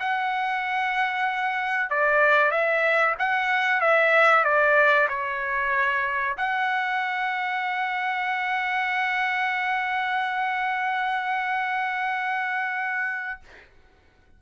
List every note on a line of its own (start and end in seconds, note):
0.00 1.90 F#5
1.90 2.52 D5
2.52 3.15 E5
3.19 3.81 F#5
3.81 4.44 E5
4.44 5.08 D5
5.09 6.37 C#5
6.38 13.40 F#5